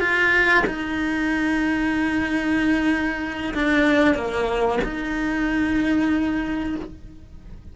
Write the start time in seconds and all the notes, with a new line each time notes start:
0.00 F4
0.66 D#4
3.55 D4
4.15 A#3
4.84 D#4